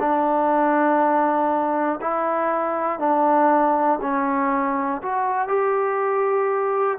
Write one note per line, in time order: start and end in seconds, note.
0.00 2.00 D4
2.01 2.99 E4
2.99 3.99 D4
4.01 5.01 C#4
5.02 5.48 F#4
5.48 6.98 G4